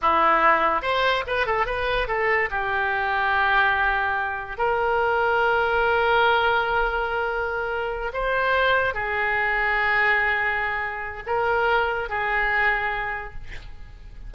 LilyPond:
\new Staff \with { instrumentName = "oboe" } { \time 4/4 \tempo 4 = 144 e'2 c''4 b'8 a'8 | b'4 a'4 g'2~ | g'2. ais'4~ | ais'1~ |
ais'2.~ ais'8 c''8~ | c''4. gis'2~ gis'8~ | gis'2. ais'4~ | ais'4 gis'2. | }